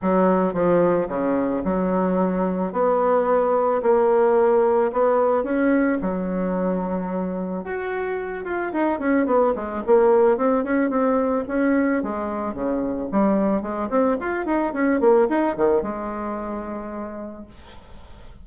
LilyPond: \new Staff \with { instrumentName = "bassoon" } { \time 4/4 \tempo 4 = 110 fis4 f4 cis4 fis4~ | fis4 b2 ais4~ | ais4 b4 cis'4 fis4~ | fis2 fis'4. f'8 |
dis'8 cis'8 b8 gis8 ais4 c'8 cis'8 | c'4 cis'4 gis4 cis4 | g4 gis8 c'8 f'8 dis'8 cis'8 ais8 | dis'8 dis8 gis2. | }